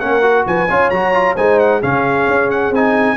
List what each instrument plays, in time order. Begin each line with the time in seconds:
0.00 tuba A#3, trombone C#4, horn A#4, trumpet F#5
0.22 trombone F#4
0.47 tuba F3, horn B4, trumpet G#5
0.70 tuba C#4, trombone F4, horn C#5
0.90 tuba F#3, trombone F#4, trumpet A#5
1.14 trombone F4
1.35 tuba G#3, trombone D#4, horn C5, trumpet G#5
1.59 trumpet F#5
1.80 tuba C#3, trombone C#4, horn G#4, trumpet F5
2.27 tuba C#4
2.51 trumpet F#5
2.71 tuba C4, trombone D#4, trumpet G#5